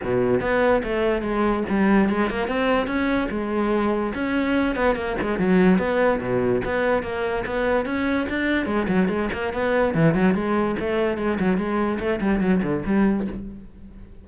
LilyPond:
\new Staff \with { instrumentName = "cello" } { \time 4/4 \tempo 4 = 145 b,4 b4 a4 gis4 | g4 gis8 ais8 c'4 cis'4 | gis2 cis'4. b8 | ais8 gis8 fis4 b4 b,4 |
b4 ais4 b4 cis'4 | d'4 gis8 fis8 gis8 ais8 b4 | e8 fis8 gis4 a4 gis8 fis8 | gis4 a8 g8 fis8 d8 g4 | }